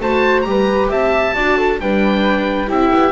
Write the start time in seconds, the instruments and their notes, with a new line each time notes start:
0.00 double bass A3, viola F#4, flute C5, oboe A5
0.41 double bass G3, viola G4, oboe A#5
0.49 flute B4
0.90 double bass C4, flute E5, oboe A5
1.34 double bass D4, viola F#4, flute D5
1.57 flute A4
1.80 double bass G3, viola D4, flute B4, oboe G5
2.67 double bass C4, viola E4, flute G4, oboe E5
2.93 double bass B3